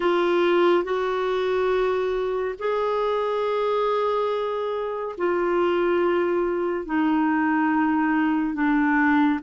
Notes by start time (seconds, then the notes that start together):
0.00 F4
0.84 F#4
2.58 G#4
5.17 F4
6.85 D#4
8.54 D4